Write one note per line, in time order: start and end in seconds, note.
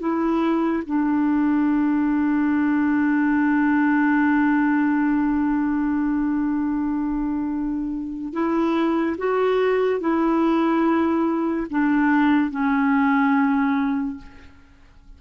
0.00 0.83 E4
0.87 8.33 D4
8.33 9.17 E4
9.19 10.01 F#4
10.01 11.67 E4
11.70 12.51 D4
12.51 14.18 C#4